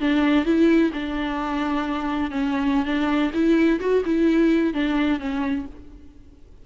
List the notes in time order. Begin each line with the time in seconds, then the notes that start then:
0.00 D4
0.45 E4
0.93 D4
2.31 C#4
2.85 D4
3.34 E4
3.80 F#4
4.05 E4
4.74 D4
5.20 C#4